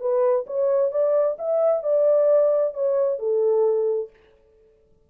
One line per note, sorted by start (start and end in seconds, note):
0.00 0.45 B4
0.47 0.91 C#5
0.91 1.37 D5
1.39 1.83 E5
1.83 2.74 D5
2.74 3.19 C#5
3.19 4.10 A4